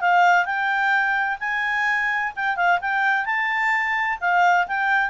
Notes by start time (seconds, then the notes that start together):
0.00 F5
0.45 G5
1.39 G#5
2.35 G5
2.56 F5
2.81 G5
3.25 A5
4.20 F5
4.67 G5